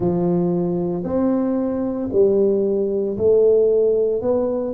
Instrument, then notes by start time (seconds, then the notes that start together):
tuba
0.00 F3
1.03 C4
2.11 G3
3.17 A3
4.21 B3